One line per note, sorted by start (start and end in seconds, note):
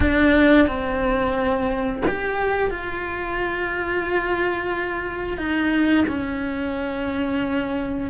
0.00 0.67 D4
0.67 2.02 C4
2.07 2.70 G4
2.70 5.37 F4
5.37 6.05 D#4
6.08 8.10 C#4